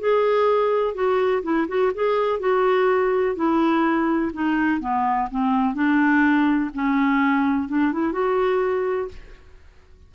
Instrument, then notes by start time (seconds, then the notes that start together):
clarinet
0.00 G#4
0.95 F#4
1.43 E4
1.68 F#4
1.94 G#4
2.40 F#4
3.36 E4
4.33 D#4
4.81 B3
5.31 C4
5.75 D4
6.74 C#4
7.69 D4
7.93 E4
8.13 F#4